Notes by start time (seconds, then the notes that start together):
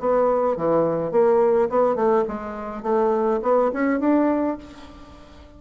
0.00 B3
0.57 E3
1.12 A#3
1.70 B3
1.96 A3
2.28 G#3
2.83 A3
3.42 B3
3.73 C#4
4.00 D4